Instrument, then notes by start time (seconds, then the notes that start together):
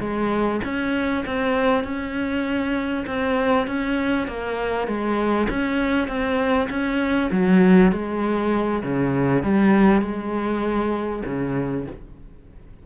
cello
0.00 G#3
0.64 C#4
1.26 C4
1.84 C#4
3.07 C4
3.67 C#4
4.28 A#3
4.87 G#3
5.49 C#4
6.08 C4
6.70 C#4
7.31 F#3
7.92 G#3
8.83 C#3
9.43 G3
10.01 G#3
11.26 C#3